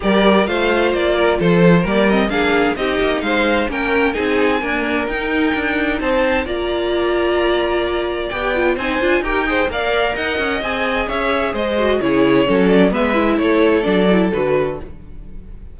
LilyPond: <<
  \new Staff \with { instrumentName = "violin" } { \time 4/4 \tempo 4 = 130 d''4 f''4 d''4 c''4 | d''8 dis''8 f''4 dis''4 f''4 | g''4 gis''2 g''4~ | g''4 a''4 ais''2~ |
ais''2 g''4 gis''4 | g''4 f''4 fis''4 gis''4 | e''4 dis''4 cis''4. d''8 | e''4 cis''4 d''4 b'4 | }
  \new Staff \with { instrumentName = "violin" } { \time 4/4 ais'4 c''4. ais'8 a'4 | ais'4 gis'4 g'4 c''4 | ais'4 gis'4 ais'2~ | ais'4 c''4 d''2~ |
d''2. c''4 | ais'8 c''8 d''4 dis''2 | cis''4 c''4 gis'4 a'4 | b'4 a'2. | }
  \new Staff \with { instrumentName = "viola" } { \time 4/4 g'4 f'2. | ais8 c'8 d'4 dis'2 | cis'4 dis'4 ais4 dis'4~ | dis'2 f'2~ |
f'2 g'8 f'8 dis'8 f'8 | g'8 gis'8 ais'2 gis'4~ | gis'4. fis'8 e'4 cis'4 | b8 e'4. d'8 e'8 fis'4 | }
  \new Staff \with { instrumentName = "cello" } { \time 4/4 g4 a4 ais4 f4 | g4 ais4 c'8 ais8 gis4 | ais4 c'4 d'4 dis'4 | d'4 c'4 ais2~ |
ais2 b4 c'8 d'8 | dis'4 ais4 dis'8 cis'8 c'4 | cis'4 gis4 cis4 fis4 | gis4 a4 fis4 d4 | }
>>